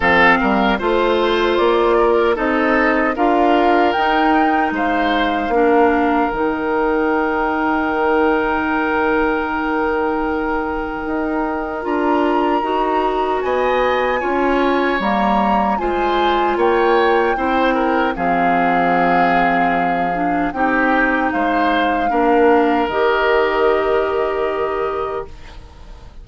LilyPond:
<<
  \new Staff \with { instrumentName = "flute" } { \time 4/4 \tempo 4 = 76 f''4 c''4 d''4 dis''4 | f''4 g''4 f''2 | g''1~ | g''2. ais''4~ |
ais''4 gis''2 ais''4 | gis''4 g''2 f''4~ | f''2 g''4 f''4~ | f''4 dis''2. | }
  \new Staff \with { instrumentName = "oboe" } { \time 4/4 a'8 ais'8 c''4. ais'8 a'4 | ais'2 c''4 ais'4~ | ais'1~ | ais'1~ |
ais'4 dis''4 cis''2 | c''4 cis''4 c''8 ais'8 gis'4~ | gis'2 g'4 c''4 | ais'1 | }
  \new Staff \with { instrumentName = "clarinet" } { \time 4/4 c'4 f'2 dis'4 | f'4 dis'2 d'4 | dis'1~ | dis'2. f'4 |
fis'2 f'4 ais4 | f'2 e'4 c'4~ | c'4. d'8 dis'2 | d'4 g'2. | }
  \new Staff \with { instrumentName = "bassoon" } { \time 4/4 f8 g8 a4 ais4 c'4 | d'4 dis'4 gis4 ais4 | dis1~ | dis2 dis'4 d'4 |
dis'4 b4 cis'4 g4 | gis4 ais4 c'4 f4~ | f2 c'4 gis4 | ais4 dis2. | }
>>